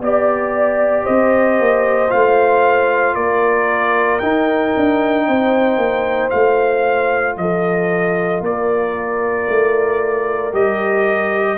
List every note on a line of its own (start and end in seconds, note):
0.00 1.05 B3
0.00 2.09 G4
0.00 1.04 D5
0.00 1.05 D5
1.04 1.59 C4
1.04 3.15 C5
1.04 2.11 D#5
1.59 2.12 A#3
2.09 3.14 A3
2.09 4.19 F4
2.09 3.14 F5
3.14 4.20 A#3
3.14 5.27 A#4
3.14 4.19 D5
4.19 6.30 D#4
4.19 4.75 D#4
4.19 6.29 G5
4.76 5.28 D4
5.27 5.77 C4
5.27 7.37 C5
5.77 6.30 A#3
6.30 7.37 A3
6.30 10.51 F4
6.30 7.35 F5
7.37 8.41 F3
7.37 8.46 A4
7.37 8.43 D#5
8.41 9.46 A#3
8.41 11.58 A#4
8.41 10.54 D5
9.48 10.54 A3
10.52 11.58 G3
10.52 11.57 G4
10.52 11.58 D#5